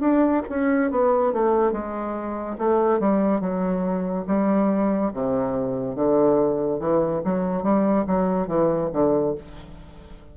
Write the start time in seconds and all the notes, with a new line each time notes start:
0.00 D4
0.49 C#4
0.91 B3
1.33 A3
1.72 G#3
2.58 A3
2.99 G3
3.40 F#3
4.27 G3
5.14 C3
5.95 D3
6.80 E3
7.24 F#3
7.62 G3
8.07 F#3
8.47 E3
8.92 D3